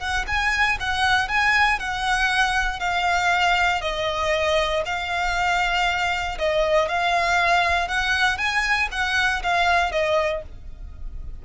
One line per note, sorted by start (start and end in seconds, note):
0.00 0.25 F#5
0.28 0.78 G#5
0.80 1.29 F#5
1.29 1.79 G#5
1.79 2.80 F#5
2.80 3.81 F5
3.81 4.83 D#5
4.86 6.38 F5
6.39 6.89 D#5
6.89 7.88 F5
7.88 8.38 F#5
8.38 8.89 G#5
8.92 9.43 F#5
9.43 9.92 F5
9.92 10.43 D#5